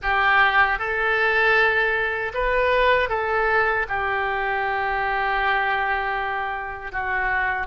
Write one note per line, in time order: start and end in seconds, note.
0.02 0.78 G4
0.78 2.32 A4
2.34 3.09 B4
3.09 3.86 A4
3.88 6.92 G4
6.92 7.66 F#4